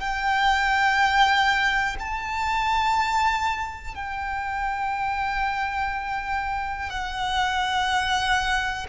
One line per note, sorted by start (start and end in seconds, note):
0.00 1.97 G5
2.00 3.95 A5
3.95 6.90 G5
6.90 8.87 F#5